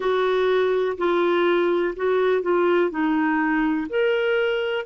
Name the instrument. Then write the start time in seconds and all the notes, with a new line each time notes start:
clarinet
0.00 F#4
0.97 F4
1.96 F#4
2.42 F4
2.90 D#4
3.89 A#4